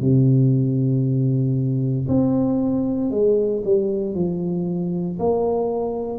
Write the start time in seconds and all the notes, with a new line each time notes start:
0.00 C3
2.08 C4
3.10 G#3
3.64 G3
4.14 F3
5.19 A#3